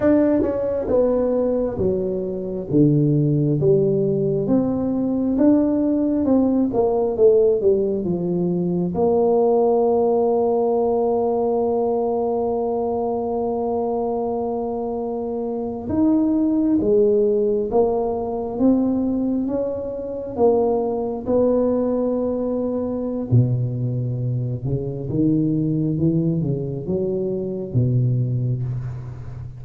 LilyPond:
\new Staff \with { instrumentName = "tuba" } { \time 4/4 \tempo 4 = 67 d'8 cis'8 b4 fis4 d4 | g4 c'4 d'4 c'8 ais8 | a8 g8 f4 ais2~ | ais1~ |
ais4.~ ais16 dis'4 gis4 ais16~ | ais8. c'4 cis'4 ais4 b16~ | b2 b,4. cis8 | dis4 e8 cis8 fis4 b,4 | }